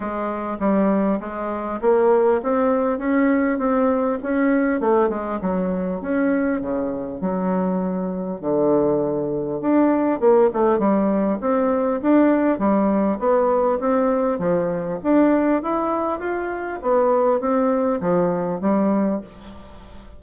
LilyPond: \new Staff \with { instrumentName = "bassoon" } { \time 4/4 \tempo 4 = 100 gis4 g4 gis4 ais4 | c'4 cis'4 c'4 cis'4 | a8 gis8 fis4 cis'4 cis4 | fis2 d2 |
d'4 ais8 a8 g4 c'4 | d'4 g4 b4 c'4 | f4 d'4 e'4 f'4 | b4 c'4 f4 g4 | }